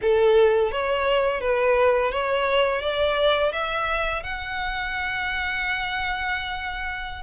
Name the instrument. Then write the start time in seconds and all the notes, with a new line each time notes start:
violin
0.01 A4
0.71 C#5
1.41 B4
2.11 C#5
2.81 D5
3.52 E5
4.23 F#5